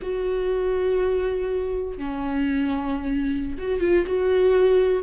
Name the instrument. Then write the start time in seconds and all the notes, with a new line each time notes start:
viola
0.02 F#4
1.97 C#4
3.58 F#4
3.80 F4
4.06 F#4